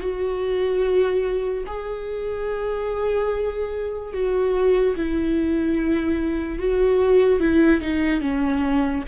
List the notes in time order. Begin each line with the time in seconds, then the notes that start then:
0.00 F#4
1.67 G#4
4.13 F#4
4.97 E4
6.59 F#4
7.40 E4
7.82 D#4
8.21 C#4